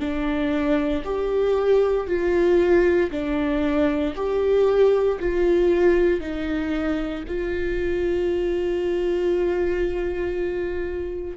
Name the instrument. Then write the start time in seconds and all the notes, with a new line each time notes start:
viola
0.00 D4
1.04 G4
2.07 F4
3.11 D4
4.16 G4
5.20 F4
6.21 D#4
7.28 F4